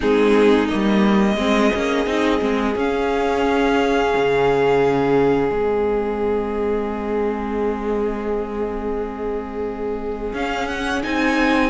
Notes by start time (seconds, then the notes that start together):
0.00 G#3 C4 D#4 G#4
0.68 G3 A#3 D#5
1.36 G#3 C4 G#4
1.74 A#3 C#4
2.05 C4 D#4
2.40 G#3 C4
2.75 C#4 F5
4.16 C#3
5.50 G#3 C4 D#5
10.33 C#4 F5
10.67 F#5
11.03 C4 D#4 G#5